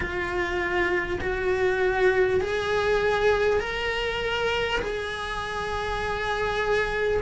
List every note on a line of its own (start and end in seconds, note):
0.00 1.19 F4
1.21 2.41 F#4
2.41 3.60 G#4
3.60 4.80 A#4
4.80 7.20 G#4